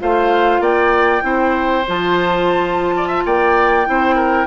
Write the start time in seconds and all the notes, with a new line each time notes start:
0.00 A3 F4 C5 F5
0.60 A#3 D5 G5
1.22 C4 E4 C5
1.88 F3 F4 A5
2.97 D5
3.08 E5
3.26 A#3 D5 G5
3.86 C4 E4 C5
4.15 A#4